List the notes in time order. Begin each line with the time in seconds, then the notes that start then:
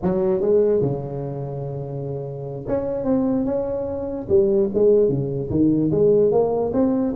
0.02 F#3
0.40 G#3
0.81 C#3
2.67 C#4
3.04 C4
3.45 C#4
4.29 G3
4.73 G#3
5.08 C#3
5.50 D#3
5.91 G#3
6.31 A#3
6.73 C4